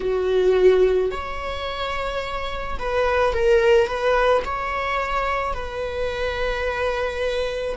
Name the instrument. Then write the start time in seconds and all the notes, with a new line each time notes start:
viola
0.00 F#4
1.11 C#5
2.78 B4
3.33 A#4
3.87 B4
4.44 C#5
5.53 B4